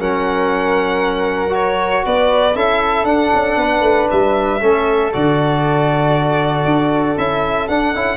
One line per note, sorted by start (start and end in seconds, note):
0.00 2.05 F#3
0.00 1.50 C#4
0.00 2.05 A#4
0.00 1.54 F#5
1.50 2.52 F#4
1.50 2.05 C#5
2.05 2.56 B3
2.05 2.56 B4
2.05 2.56 D5
2.55 3.04 C#4
2.55 3.06 E4
2.55 3.59 A4
2.55 3.05 E5
3.04 3.29 D4
3.04 4.60 D4
3.04 4.08 F#5
3.34 3.56 C#4
3.56 3.81 B3
3.56 4.61 B4
3.81 4.07 A3
4.10 4.62 G3
4.10 5.13 E5
4.61 5.13 A3
4.61 5.12 C#4
4.61 8.17 A4
5.12 6.65 D3
5.12 7.18 F#4
5.12 7.18 D5
6.65 7.16 D4
7.18 7.68 C#4
7.18 7.69 E4
7.18 7.68 E5
7.68 7.94 D4
7.68 7.95 D4
7.68 8.17 F#5
7.95 8.17 C#4
7.95 8.17 E4